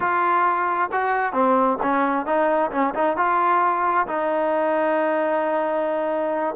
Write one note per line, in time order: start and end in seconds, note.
0.00 0.90 F4
0.92 1.32 F#4
1.32 1.77 C4
1.82 2.26 C#4
2.26 2.71 D#4
2.71 2.93 C#4
2.94 3.16 D#4
3.16 4.06 F4
4.07 6.55 D#4